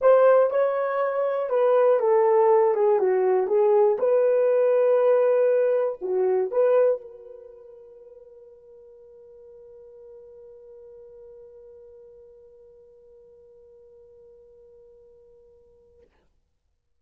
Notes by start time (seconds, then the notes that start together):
0.01 C5
0.50 C#5
1.49 B4
1.99 A4
2.74 G#4
2.99 F#4
3.47 G#4
3.98 B4
6.01 F#4
6.51 B4
7.01 A#4